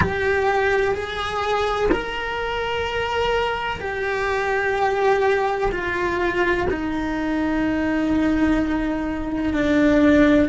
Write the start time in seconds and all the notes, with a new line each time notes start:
0.00 G4
0.94 G#4
1.91 A#4
3.80 G4
5.71 F4
6.70 D#4
9.53 D4